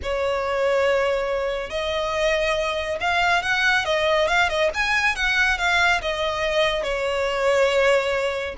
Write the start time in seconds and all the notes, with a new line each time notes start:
0.02 C#5
1.70 D#5
3.00 F5
3.42 F#5
3.85 D#5
4.27 F5
4.49 D#5
4.74 G#5
5.15 F#5
5.58 F5
6.01 D#5
6.83 C#5